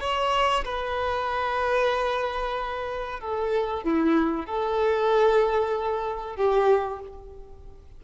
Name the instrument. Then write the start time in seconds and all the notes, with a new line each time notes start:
violin
0.00 C#5
0.64 B4
3.20 A4
3.84 E4
4.46 A4
6.36 G4